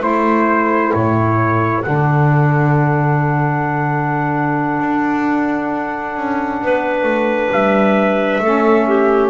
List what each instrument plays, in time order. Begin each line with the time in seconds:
0.00 double bass A3, saxophone E4, clarinet A4, trumpet C5
0.93 double bass A2, trumpet C#5
1.82 double bass D3, saxophone D4, trumpet F#5
4.80 double bass D4
6.16 double bass C#4
6.62 double bass B3, clarinet B4
7.02 double bass A3
7.52 double bass G3, trumpet E5
8.39 double bass A3, saxophone C#4, clarinet A4
8.88 clarinet G4